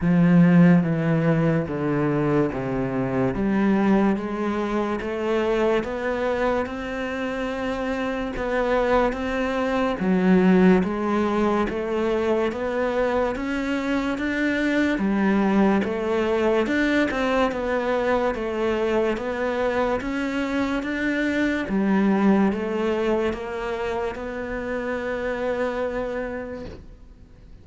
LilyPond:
\new Staff \with { instrumentName = "cello" } { \time 4/4 \tempo 4 = 72 f4 e4 d4 c4 | g4 gis4 a4 b4 | c'2 b4 c'4 | fis4 gis4 a4 b4 |
cis'4 d'4 g4 a4 | d'8 c'8 b4 a4 b4 | cis'4 d'4 g4 a4 | ais4 b2. | }